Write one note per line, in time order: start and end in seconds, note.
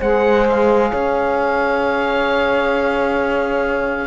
0.00 0.92 G#3
0.00 4.07 G#4
0.00 0.91 C5
0.00 0.47 F#5
0.49 4.07 F5
0.91 4.07 C#4
0.91 4.07 C#5